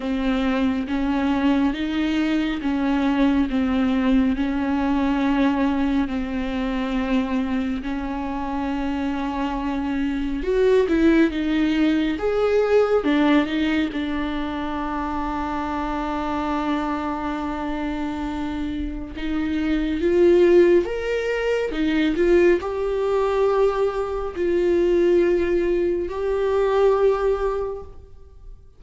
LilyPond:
\new Staff \with { instrumentName = "viola" } { \time 4/4 \tempo 4 = 69 c'4 cis'4 dis'4 cis'4 | c'4 cis'2 c'4~ | c'4 cis'2. | fis'8 e'8 dis'4 gis'4 d'8 dis'8 |
d'1~ | d'2 dis'4 f'4 | ais'4 dis'8 f'8 g'2 | f'2 g'2 | }